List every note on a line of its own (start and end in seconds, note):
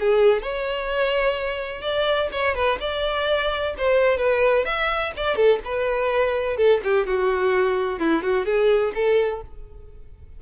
0.00 0.43 G#4
0.43 1.82 C#5
1.82 2.29 D5
2.32 2.55 C#5
2.55 2.79 B4
2.80 3.75 D5
3.78 4.18 C5
4.18 4.65 B4
4.65 5.13 E5
5.17 5.36 D5
5.36 5.60 A4
5.65 6.57 B4
6.57 6.81 A4
6.84 7.07 G4
7.07 7.99 F#4
7.99 8.23 E4
8.23 8.46 F#4
8.46 8.93 G#4
8.95 9.42 A4